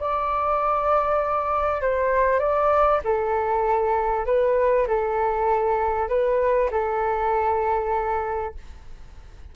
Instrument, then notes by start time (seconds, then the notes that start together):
flute
0.00 D5
1.81 C5
2.40 D5
3.04 A4
4.26 B4
4.87 A4
6.09 B4
6.71 A4